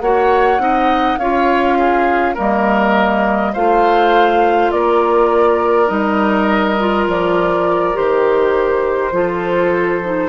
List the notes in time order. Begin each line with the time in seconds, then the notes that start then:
0.00 A#3 F#4 C#5 F#5
0.58 C4 D#4 D#5
1.18 C#4 F4 C#5 F5
1.78 G#4
2.34 G3 A#3 A#4 D#5
3.52 A3 F4 C5 F5
4.71 A#3 A#4 D5
5.87 G3 D#4 D#5
6.79 F4
7.06 F3 D5
7.93 D#3 G4 C5
9.11 F3 F4 A4
10.04 D#4